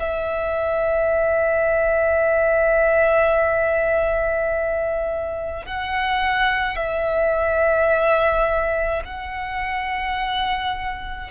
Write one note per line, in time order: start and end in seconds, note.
0.00 5.66 E5
5.66 6.76 F#5
6.76 9.03 E5
9.05 11.31 F#5